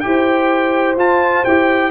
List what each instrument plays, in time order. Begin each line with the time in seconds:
0.00 tuba E4, trombone G4, trumpet G5
0.06 horn C5
0.96 tuba F4, trombone F4, trumpet A5
1.44 tuba E4, trombone G4, trumpet G5